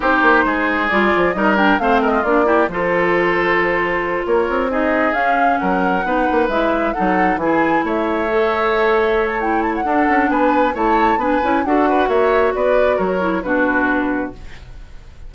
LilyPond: <<
  \new Staff \with { instrumentName = "flute" } { \time 4/4 \tempo 4 = 134 c''2 d''4 dis''8 g''8 | f''8 dis''8 d''4 c''2~ | c''4. cis''4 dis''4 f''8~ | f''8 fis''2 e''4 fis''8~ |
fis''8 gis''4 e''2~ e''8~ | e''8. a''16 g''8 a''16 fis''4~ fis''16 gis''4 | a''4 gis''4 fis''4 e''4 | d''4 cis''4 b'2 | }
  \new Staff \with { instrumentName = "oboe" } { \time 4/4 g'4 gis'2 ais'4 | c''8 ais'16 f'8. g'8 a'2~ | a'4. ais'4 gis'4.~ | gis'8 ais'4 b'2 a'8~ |
a'8 gis'4 cis''2~ cis''8~ | cis''2 a'4 b'4 | cis''4 b'4 a'8 b'8 cis''4 | b'4 ais'4 fis'2 | }
  \new Staff \with { instrumentName = "clarinet" } { \time 4/4 dis'2 f'4 dis'8 d'8 | c'4 d'8 e'8 f'2~ | f'2~ f'8 dis'4 cis'8~ | cis'4. dis'4 e'4 dis'8~ |
dis'8 e'2 a'4.~ | a'4 e'4 d'2 | e'4 d'8 e'8 fis'2~ | fis'4. e'8 d'2 | }
  \new Staff \with { instrumentName = "bassoon" } { \time 4/4 c'8 ais8 gis4 g8 f8 g4 | a4 ais4 f2~ | f4. ais8 c'4. cis'8~ | cis'8 fis4 b8 ais8 gis4 fis8~ |
fis8 e4 a2~ a8~ | a2 d'8 cis'8 b4 | a4 b8 cis'8 d'4 ais4 | b4 fis4 b,2 | }
>>